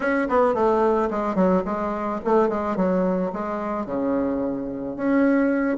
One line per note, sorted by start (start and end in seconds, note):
0.00 0.28 C#4
0.29 0.54 B3
0.54 1.09 A3
1.10 1.35 G#3
1.35 1.62 F#3
1.65 2.20 G#3
2.24 2.48 A3
2.48 2.76 G#3
2.76 3.31 F#3
3.32 3.86 G#3
3.86 4.96 C#3
4.96 5.77 C#4